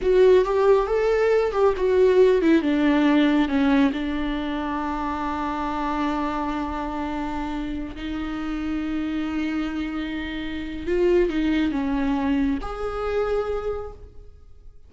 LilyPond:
\new Staff \with { instrumentName = "viola" } { \time 4/4 \tempo 4 = 138 fis'4 g'4 a'4. g'8 | fis'4. e'8 d'2 | cis'4 d'2.~ | d'1~ |
d'2~ d'16 dis'4.~ dis'16~ | dis'1~ | dis'4 f'4 dis'4 cis'4~ | cis'4 gis'2. | }